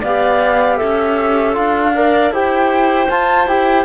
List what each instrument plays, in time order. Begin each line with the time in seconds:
0.00 cello B3, trombone G4, clarinet D5, flute F5
0.76 cello C#4, clarinet A4, flute E5
1.53 cello D4, trombone F4, flute F5
1.95 trombone A#4, clarinet D5
2.30 cello E4, trombone G4, clarinet C5, flute G5
3.09 trombone F4, cello F4, flute A5
3.47 cello E4, trombone G4, flute G5